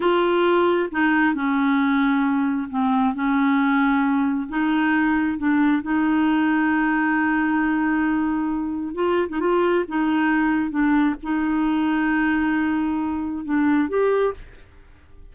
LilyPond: \new Staff \with { instrumentName = "clarinet" } { \time 4/4 \tempo 4 = 134 f'2 dis'4 cis'4~ | cis'2 c'4 cis'4~ | cis'2 dis'2 | d'4 dis'2.~ |
dis'1 | f'8. dis'16 f'4 dis'2 | d'4 dis'2.~ | dis'2 d'4 g'4 | }